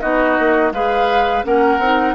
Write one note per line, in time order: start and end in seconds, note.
0.00 0.38 B3
0.00 0.72 D#4
0.00 0.72 F#4
0.00 0.71 D#5
0.39 0.71 A#3
0.71 1.43 G#3
0.71 1.43 G#4
0.71 1.45 B4
0.71 1.44 F5
1.43 1.78 A#3
1.43 1.79 C#4
1.43 2.15 A#4
1.43 2.15 F#5
1.78 2.14 C4
1.78 2.15 D#4